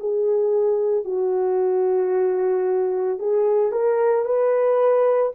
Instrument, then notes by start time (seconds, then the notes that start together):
horn
0.00 G#4
1.05 F#4
3.19 G#4
3.72 A#4
4.25 B4